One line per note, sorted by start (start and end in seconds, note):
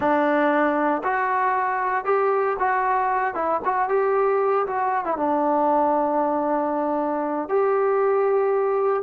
0.00 1.02 D4
1.03 2.05 F#4
2.05 2.56 G4
2.59 3.34 F#4
3.34 3.60 E4
3.64 3.88 F#4
3.88 4.66 G4
4.66 5.04 F#4
5.04 5.16 E4
5.16 7.48 D4
7.48 9.03 G4